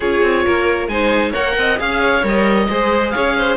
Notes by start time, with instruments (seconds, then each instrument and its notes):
0.00 cello C#4, viola F4, violin G#4, oboe C#5
0.22 cello C4
0.45 cello A#3, violin A#4
0.87 cello G#3, viola D#4, violin C5, oboe G#5
1.31 cello A#3, viola A#4, violin C#5, oboe F#5
1.57 cello C4, violin D#5
1.77 cello C#4, viola G#4, violin F5, oboe F5
2.00 violin C#5
2.23 cello G3, viola A#4, oboe D#5
2.68 cello G#3, viola G#4, violin C5
3.10 cello C#4, violin C#5, oboe F5
3.37 violin C5